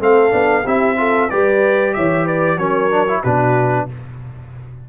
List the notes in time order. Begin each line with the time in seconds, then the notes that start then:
0.00 A3 C4 A4 F5
0.31 B3 D4
0.64 C4 E4 G4 E5
0.97 F4 A4
1.30 G3 G4 B4 D5
1.94 E3 C#5 E5
2.25 B4 D5
2.57 F#3 C#4 A#4 C#5
2.91 D4
3.08 E4
3.20 B2 D4 F#4 B4